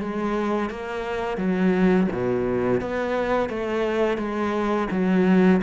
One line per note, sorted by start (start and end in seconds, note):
0.00 0.70 G#3
0.70 1.38 A#3
1.38 2.07 F#3
2.12 2.81 B2
2.81 3.50 B3
3.50 4.18 A3
4.18 4.88 G#3
4.91 5.61 F#3